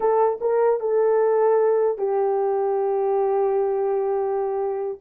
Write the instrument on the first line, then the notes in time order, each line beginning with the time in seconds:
horn
0.00 A4
0.41 A#4
0.80 A4
1.97 G4